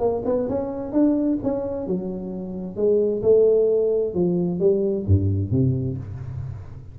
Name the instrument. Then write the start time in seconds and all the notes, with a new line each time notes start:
tuba
0.00 A#3
0.26 B3
0.49 C#4
0.93 D4
1.44 C#4
1.87 F#3
2.77 G#3
3.23 A3
4.15 F3
4.60 G3
5.07 G2
5.52 C3